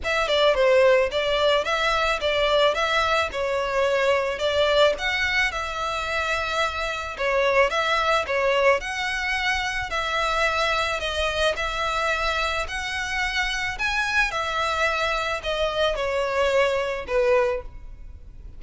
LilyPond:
\new Staff \with { instrumentName = "violin" } { \time 4/4 \tempo 4 = 109 e''8 d''8 c''4 d''4 e''4 | d''4 e''4 cis''2 | d''4 fis''4 e''2~ | e''4 cis''4 e''4 cis''4 |
fis''2 e''2 | dis''4 e''2 fis''4~ | fis''4 gis''4 e''2 | dis''4 cis''2 b'4 | }